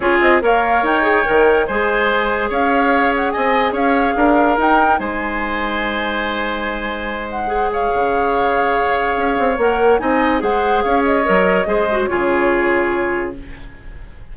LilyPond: <<
  \new Staff \with { instrumentName = "flute" } { \time 4/4 \tempo 4 = 144 cis''8 dis''8 f''4 g''2 | gis''2 f''4. fis''8 | gis''4 f''2 g''4 | gis''1~ |
gis''4. fis''4 f''4.~ | f''2. fis''4 | gis''4 fis''4 f''8 dis''4.~ | dis''4 cis''2. | }
  \new Staff \with { instrumentName = "oboe" } { \time 4/4 gis'4 cis''2. | c''2 cis''2 | dis''4 cis''4 ais'2 | c''1~ |
c''2~ c''8 cis''4.~ | cis''1 | dis''4 c''4 cis''2 | c''4 gis'2. | }
  \new Staff \with { instrumentName = "clarinet" } { \time 4/4 f'4 ais'4. gis'8 ais'4 | gis'1~ | gis'2. dis'4~ | dis'1~ |
dis'2 gis'2~ | gis'2. ais'4 | dis'4 gis'2 ais'4 | gis'8 fis'8 f'2. | }
  \new Staff \with { instrumentName = "bassoon" } { \time 4/4 cis'8 c'8 ais4 dis'4 dis4 | gis2 cis'2 | c'4 cis'4 d'4 dis'4 | gis1~ |
gis2. cis4~ | cis2 cis'8 c'8 ais4 | c'4 gis4 cis'4 fis4 | gis4 cis2. | }
>>